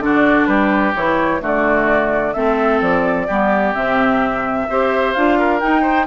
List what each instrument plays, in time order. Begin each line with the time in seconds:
0.00 bassoon D3, clarinet D4, oboe F#4, flute D5
0.47 bassoon G3, oboe G4, flute B4
0.96 bassoon E3, clarinet E4, flute C#5
1.41 bassoon D3, clarinet A3, oboe F#4, flute D5
2.34 bassoon A3, clarinet C4, oboe A4, flute E5
2.81 bassoon F3, flute D5
3.27 bassoon G3, clarinet B3, oboe G4
3.75 bassoon C3, clarinet C4, flute E5
4.69 bassoon C4, clarinet G4, oboe C5
5.13 bassoon D4, clarinet F4, flute F5
5.39 oboe A#4
5.60 clarinet D#4, bassoon D#4, flute G5
5.82 oboe C5